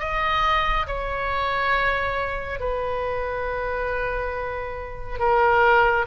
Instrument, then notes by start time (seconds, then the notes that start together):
oboe
0.00 D#5
0.88 C#5
2.60 B4
5.19 A#4